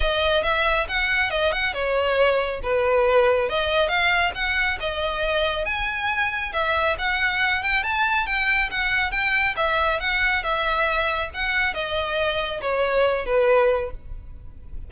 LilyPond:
\new Staff \with { instrumentName = "violin" } { \time 4/4 \tempo 4 = 138 dis''4 e''4 fis''4 dis''8 fis''8 | cis''2 b'2 | dis''4 f''4 fis''4 dis''4~ | dis''4 gis''2 e''4 |
fis''4. g''8 a''4 g''4 | fis''4 g''4 e''4 fis''4 | e''2 fis''4 dis''4~ | dis''4 cis''4. b'4. | }